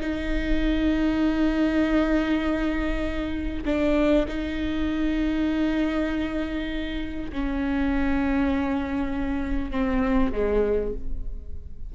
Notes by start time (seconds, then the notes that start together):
0.00 D#4
3.65 D4
4.28 D#4
7.32 C#4
9.71 C4
10.32 G#3